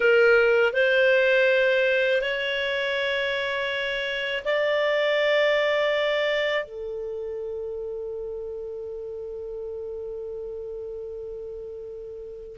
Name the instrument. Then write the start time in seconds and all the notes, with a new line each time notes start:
clarinet
0.00 A#4
0.73 C5
2.21 C#5
4.44 D5
6.64 A4